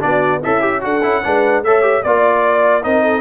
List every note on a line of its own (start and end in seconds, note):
0.00 0.44 B3
0.00 0.40 D4
0.00 0.41 F#4
0.00 0.42 D5
0.41 0.84 C#4
0.41 0.81 E4
0.41 0.61 A4
0.41 0.83 E5
0.61 0.80 G4
0.80 1.04 D4
0.80 1.01 F#4
0.80 1.24 A4
0.80 1.64 F#5
1.03 1.24 C#4
1.03 1.23 E4
1.24 1.62 G#3
1.24 1.64 D4
1.24 1.65 B4
1.62 2.03 A3
1.62 1.82 A4
1.62 2.03 C#5
1.62 2.03 E5
1.82 2.02 G4
2.03 2.85 A#3
2.03 2.83 F4
2.03 2.83 D5
2.83 3.21 C4
2.83 3.21 D#4
2.83 3.03 A#4
2.83 3.21 D#5
3.03 3.21 A4